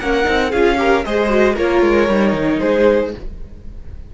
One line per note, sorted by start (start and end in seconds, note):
0.00 0.26 A#3
0.00 0.23 C#4
0.00 0.50 A#4
0.00 0.52 F#5
0.23 0.53 C4
0.23 0.50 D#4
0.50 1.05 C#4
0.50 0.77 F4
0.50 0.76 G#4
0.50 1.04 F5
0.77 1.03 G4
0.77 1.06 A#4
1.04 1.56 G#3
1.04 1.29 G#4
1.04 1.55 C5
1.04 1.57 D#5
1.29 1.55 F#4
1.55 1.82 A#3
1.55 2.10 F4
1.55 2.59 A#4
1.55 2.60 C#5
1.82 2.08 G#3
2.08 2.33 G3
2.08 3.15 D#4
2.33 2.59 D#3
2.60 3.15 G#3
2.60 3.12 G#4
2.60 3.12 C5